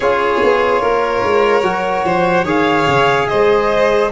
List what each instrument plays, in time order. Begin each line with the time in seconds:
0.00 tuba C#4, trombone F4, violin G#4 C#5
0.42 tuba B3
0.81 tuba A#3, violin A#4
1.22 tuba G#3
1.62 tuba F#3, trombone F#4
2.04 tuba F3, violin C5
2.44 tuba D#3, trombone G#4, violin C#5 F5
2.87 tuba C#3
3.28 tuba G#3, violin C5 D#5